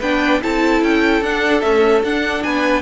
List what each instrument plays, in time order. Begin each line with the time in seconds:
0.00 cello B3, viola D4, violin B4 G5
0.42 cello C4, viola E4, violin A4 A5
0.83 cello C#4, violin G5
1.22 cello D4, viola D4, violin F#5
1.61 viola A3, cello C#4, violin E5
2.04 cello D4, viola D4, violin F#5
2.43 cello B3, violin B4 G#5